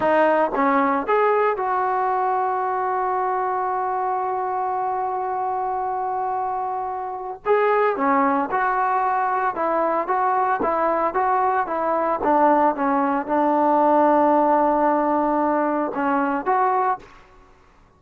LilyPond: \new Staff \with { instrumentName = "trombone" } { \time 4/4 \tempo 4 = 113 dis'4 cis'4 gis'4 fis'4~ | fis'1~ | fis'1~ | fis'2 gis'4 cis'4 |
fis'2 e'4 fis'4 | e'4 fis'4 e'4 d'4 | cis'4 d'2.~ | d'2 cis'4 fis'4 | }